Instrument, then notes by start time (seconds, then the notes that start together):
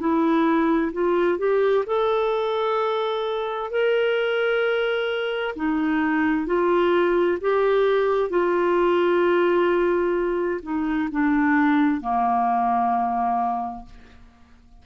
clarinet
0.00 E4
0.93 F4
1.38 G4
1.86 A4
3.70 A#4
5.56 D#4
6.46 F4
7.41 G4
8.30 F4
10.63 D#4
11.11 D4
12.01 A#3